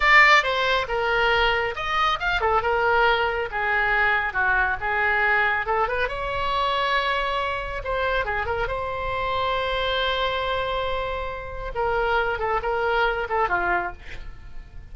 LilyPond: \new Staff \with { instrumentName = "oboe" } { \time 4/4 \tempo 4 = 138 d''4 c''4 ais'2 | dis''4 f''8 a'8 ais'2 | gis'2 fis'4 gis'4~ | gis'4 a'8 b'8 cis''2~ |
cis''2 c''4 gis'8 ais'8 | c''1~ | c''2. ais'4~ | ais'8 a'8 ais'4. a'8 f'4 | }